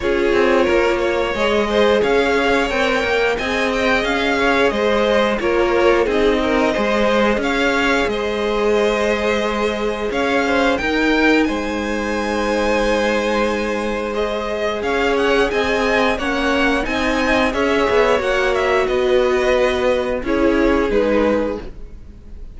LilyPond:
<<
  \new Staff \with { instrumentName = "violin" } { \time 4/4 \tempo 4 = 89 cis''2 dis''4 f''4 | g''4 gis''8 g''8 f''4 dis''4 | cis''4 dis''2 f''4 | dis''2. f''4 |
g''4 gis''2.~ | gis''4 dis''4 f''8 fis''8 gis''4 | fis''4 gis''4 e''4 fis''8 e''8 | dis''2 cis''4 b'4 | }
  \new Staff \with { instrumentName = "violin" } { \time 4/4 gis'4 ais'8 cis''4 c''8 cis''4~ | cis''4 dis''4. cis''8 c''4 | ais'4 gis'8 ais'8 c''4 cis''4 | c''2. cis''8 c''8 |
ais'4 c''2.~ | c''2 cis''4 dis''4 | cis''4 dis''4 cis''2 | b'2 gis'2 | }
  \new Staff \with { instrumentName = "viola" } { \time 4/4 f'2 gis'2 | ais'4 gis'2. | f'4 dis'4 gis'2~ | gis'1 |
dis'1~ | dis'4 gis'2. | cis'4 dis'4 gis'4 fis'4~ | fis'2 e'4 dis'4 | }
  \new Staff \with { instrumentName = "cello" } { \time 4/4 cis'8 c'8 ais4 gis4 cis'4 | c'8 ais8 c'4 cis'4 gis4 | ais4 c'4 gis4 cis'4 | gis2. cis'4 |
dis'4 gis2.~ | gis2 cis'4 c'4 | ais4 c'4 cis'8 b8 ais4 | b2 cis'4 gis4 | }
>>